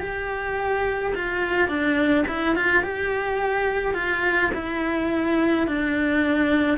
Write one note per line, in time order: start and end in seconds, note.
0.00 1.13 G4
1.15 1.68 F4
1.68 2.25 D4
2.27 2.55 E4
2.55 2.83 F4
2.83 3.94 G4
3.94 4.51 F4
4.54 5.67 E4
5.67 6.78 D4